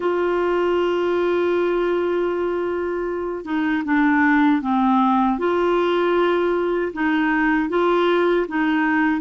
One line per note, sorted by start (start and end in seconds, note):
0.00 3.44 F4
3.44 3.83 D#4
3.84 4.61 D4
4.61 5.38 C4
5.38 6.92 F4
6.93 7.69 D#4
7.69 8.46 F4
8.48 9.21 D#4